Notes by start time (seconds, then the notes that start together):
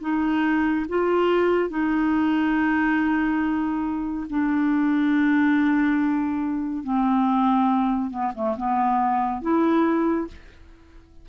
0.00 D#4
0.88 F4
1.69 D#4
4.29 D4
6.83 C4
8.10 B3
8.35 A3
8.57 B3
9.41 E4